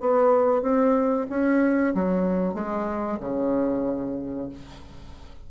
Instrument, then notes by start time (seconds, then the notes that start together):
bassoon
0.00 B3
0.62 C4
1.30 C#4
1.95 F#3
2.54 G#3
3.20 C#3